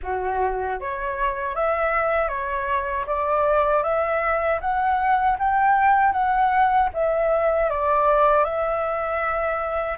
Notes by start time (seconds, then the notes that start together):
0.02 F#4
0.79 C#5
1.55 E5
2.28 C#5
3.06 D5
3.83 E5
4.60 F#5
5.38 G5
6.12 F#5
6.93 E5
7.70 D5
8.44 E5